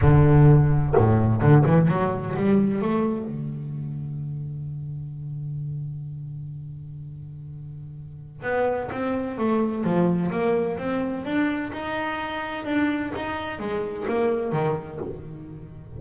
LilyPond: \new Staff \with { instrumentName = "double bass" } { \time 4/4 \tempo 4 = 128 d2 a,4 d8 e8 | fis4 g4 a4 d4~ | d1~ | d1~ |
d2 b4 c'4 | a4 f4 ais4 c'4 | d'4 dis'2 d'4 | dis'4 gis4 ais4 dis4 | }